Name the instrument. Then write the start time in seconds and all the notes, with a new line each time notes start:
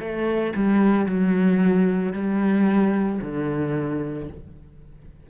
cello
0.00 A3
0.56 G3
1.06 F#3
2.13 G3
3.21 D3